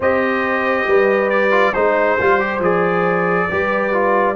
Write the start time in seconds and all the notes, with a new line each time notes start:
0.00 C4 G4 C5 D#5
0.87 G3 B4
1.29 D5
1.51 F4
1.73 G#3 D#4 C5
2.19 G3 F4
2.39 G4
2.59 F3 G#4 D5
3.49 G3 G4 B4
3.93 F4